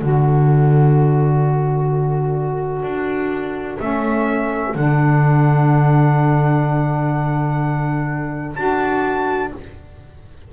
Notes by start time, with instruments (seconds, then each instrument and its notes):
0.00 double bass D3, saxophone F#4, viola A4, trumpet D5
2.83 double bass D4
3.80 double bass A3, saxophone C#4, trumpet E5
4.75 double bass D3, saxophone D4, trumpet F#5
8.56 double bass D4, saxophone F#4, trumpet A5